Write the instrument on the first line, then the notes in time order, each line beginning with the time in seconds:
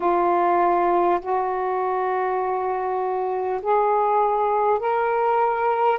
saxophone
0.00 F4
1.21 F#4
3.62 G#4
4.79 A#4